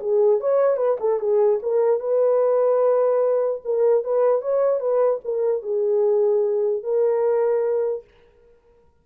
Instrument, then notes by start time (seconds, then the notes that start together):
horn
0.00 G#4
0.40 C#5
0.77 B4
1.00 A4
1.19 G#4
1.62 A#4
2.00 B4
3.64 A#4
4.04 B4
4.41 C#5
4.80 B4
5.24 A#4
5.62 G#4
6.83 A#4